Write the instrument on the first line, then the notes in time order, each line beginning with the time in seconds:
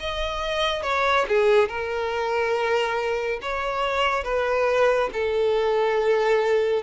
violin
0.00 D#5
0.83 C#5
1.29 G#4
1.69 A#4
3.42 C#5
4.24 B4
5.13 A4